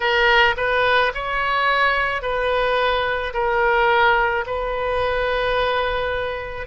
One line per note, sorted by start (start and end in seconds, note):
0.00 0.55 A#4
0.56 1.12 B4
1.14 2.22 C#5
2.22 3.33 B4
3.33 4.44 A#4
4.46 6.66 B4